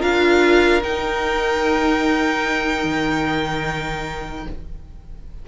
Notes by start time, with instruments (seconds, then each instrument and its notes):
0.00 cello D4, viola F4, violin A#4 F5
0.83 cello D#4, viola D#4, violin G5
2.84 cello D#3